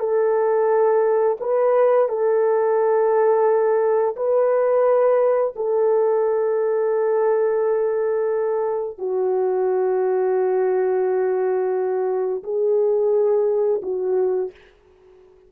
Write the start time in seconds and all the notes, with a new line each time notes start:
0.00 A4
1.40 B4
2.09 A4
4.17 B4
5.56 A4
8.99 F#4
12.44 G#4
13.83 F#4